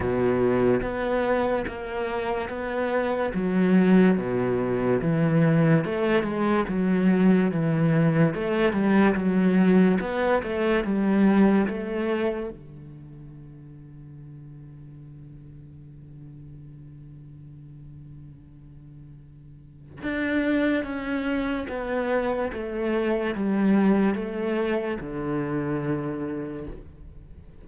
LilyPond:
\new Staff \with { instrumentName = "cello" } { \time 4/4 \tempo 4 = 72 b,4 b4 ais4 b4 | fis4 b,4 e4 a8 gis8 | fis4 e4 a8 g8 fis4 | b8 a8 g4 a4 d4~ |
d1~ | d1 | d'4 cis'4 b4 a4 | g4 a4 d2 | }